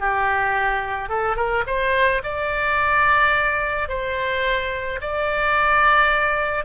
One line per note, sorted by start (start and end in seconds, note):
0.00 1.09 G4
1.09 1.36 A4
1.36 1.64 A#4
1.67 2.22 C5
2.24 3.89 D5
3.89 5.00 C5
5.01 6.65 D5